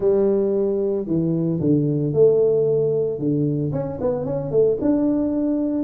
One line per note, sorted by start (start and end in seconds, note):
0.00 1.06 G3
1.06 1.59 E3
1.60 2.13 D3
2.13 3.19 A3
3.19 3.72 D3
3.72 3.99 C#4
4.01 4.25 B3
4.25 4.51 C#4
4.51 4.77 A3
4.81 5.84 D4